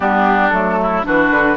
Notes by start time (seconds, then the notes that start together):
0.00 G3 B3 D4 G4
0.49 F#3 A3 A4
0.82 E4
1.03 E3 D4 F#4 B4
1.30 D3